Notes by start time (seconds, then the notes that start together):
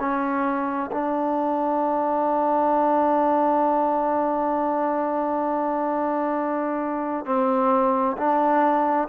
0.00 C#4
0.92 D4
7.26 C4
8.18 D4